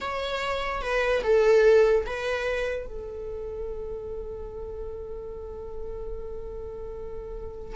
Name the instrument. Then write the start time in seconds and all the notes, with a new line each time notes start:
viola
0.00 C#5
0.81 B4
1.23 A4
2.06 B4
2.86 A4